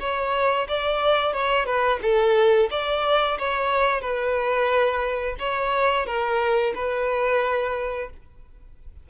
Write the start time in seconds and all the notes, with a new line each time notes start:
0.00 C#5
0.68 D5
1.33 C#5
1.66 B4
2.02 A4
2.71 D5
3.39 C#5
4.01 B4
5.39 C#5
6.06 A#4
6.75 B4